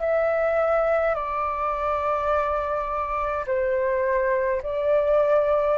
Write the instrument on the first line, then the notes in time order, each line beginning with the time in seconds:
flute
0.00 E5
1.14 D5
3.46 C5
4.63 D5